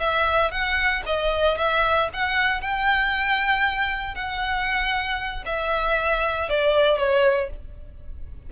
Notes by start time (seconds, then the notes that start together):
0.00 E5
0.52 F#5
1.07 D#5
1.58 E5
2.14 F#5
2.62 G5
4.15 F#5
5.46 E5
6.50 D5
6.99 C#5